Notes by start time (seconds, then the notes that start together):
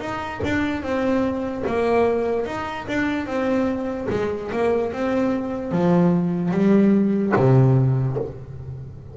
0.00 D#4
0.44 D4
0.82 C4
1.67 A#3
2.46 D#4
2.88 D4
3.26 C4
4.10 G#3
4.52 A#3
4.92 C4
5.72 F3
6.51 G3
7.36 C3